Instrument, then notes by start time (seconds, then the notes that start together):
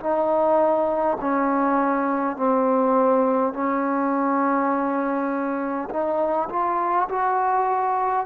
trombone
0.00 D#4
1.20 C#4
2.36 C4
3.53 C#4
5.90 D#4
6.49 F4
7.09 F#4